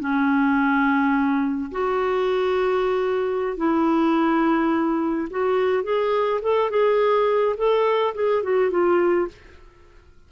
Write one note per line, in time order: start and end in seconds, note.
0.00 1.71 C#4
1.72 3.57 F#4
3.57 5.29 E4
5.31 5.84 F#4
5.84 6.41 G#4
6.42 6.71 A4
6.71 7.56 G#4
7.57 8.15 A4
8.15 8.43 G#4
8.43 8.71 F#4
8.71 9.28 F4